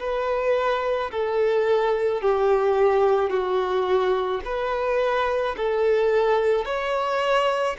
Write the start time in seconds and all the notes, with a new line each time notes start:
0.00 B4
1.12 A4
2.22 G4
3.30 F#4
4.45 B4
5.57 A4
6.66 C#5